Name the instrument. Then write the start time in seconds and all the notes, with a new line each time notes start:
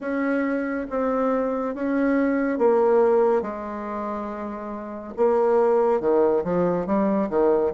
bassoon
0.00 C#4
0.90 C4
1.75 C#4
2.58 A#3
3.42 G#3
5.16 A#3
6.00 D#3
6.44 F3
6.86 G3
7.29 D#3